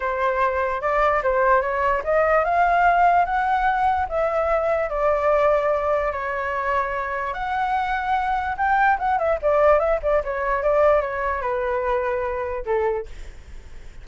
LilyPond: \new Staff \with { instrumentName = "flute" } { \time 4/4 \tempo 4 = 147 c''2 d''4 c''4 | cis''4 dis''4 f''2 | fis''2 e''2 | d''2. cis''4~ |
cis''2 fis''2~ | fis''4 g''4 fis''8 e''8 d''4 | e''8 d''8 cis''4 d''4 cis''4 | b'2. a'4 | }